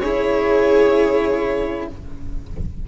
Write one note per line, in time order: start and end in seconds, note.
0.00 1.86 C#4
0.00 1.88 E4
0.00 1.86 G#4
0.00 1.85 C#5